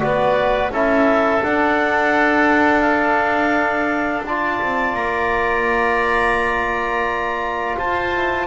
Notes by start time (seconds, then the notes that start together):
0.00 B3 F#4 B4 D5
0.71 C#4 E4 A4 E5
1.42 D4 F#5
2.81 F5
4.26 F4 D5 A5
4.62 C4
4.94 A#3 A#5
7.78 F4 C5 A5
8.16 E4